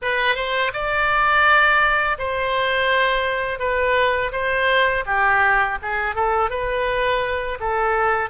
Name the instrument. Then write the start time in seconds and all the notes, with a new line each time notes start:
oboe
0.02 B4
0.35 C5
0.73 D5
2.18 C5
3.59 B4
4.32 C5
5.06 G4
5.82 G#4
6.14 A4
6.50 B4
7.60 A4